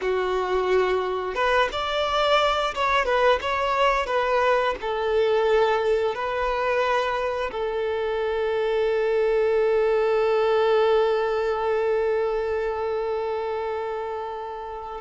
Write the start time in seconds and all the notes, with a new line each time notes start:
0.01 F#4
1.34 B4
1.72 D5
2.75 C#5
3.05 B4
3.41 C#5
4.06 B4
4.81 A4
6.14 B4
7.51 A4